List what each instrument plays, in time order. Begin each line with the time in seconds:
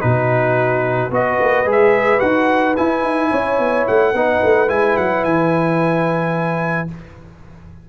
0.00 tuba B2, trombone D#4, horn F#4, trumpet B4
1.10 tuba B3, trombone F#4, horn B4, trumpet D#5
1.40 tuba A#3
1.65 tuba G#3, trombone G#4
1.71 trumpet E5
2.19 tuba D#4, trombone F#4, trumpet F#5
2.76 trombone E4, tuba E4, trumpet G#5
3.02 tuba D#4
3.30 tuba C#4, horn C#5
3.58 tuba B3
3.87 tuba A3, trumpet F#5
4.13 tuba B3, trombone D#4, horn B4
4.43 tuba A3
4.68 tuba G#3, trombone E4, trumpet G#5
4.96 tuba F#3, trumpet F#5
5.24 tuba E3, trumpet G#5